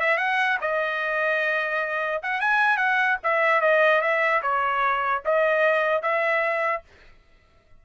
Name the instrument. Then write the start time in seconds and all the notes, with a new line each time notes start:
trumpet
0.00 E5
0.17 F#5
0.61 D#5
2.22 F#5
2.41 G#5
2.77 F#5
3.23 E5
3.61 D#5
4.01 E5
4.42 C#5
5.25 D#5
6.02 E5